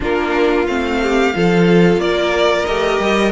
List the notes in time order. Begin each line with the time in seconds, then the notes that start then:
0.00 A#3 D4 F4 A#4
0.66 A3 C4 F5
1.02 G4
1.33 F3 F4 A4
1.97 A#3 A#4 D5
2.65 A3 G4 D#5
2.99 G3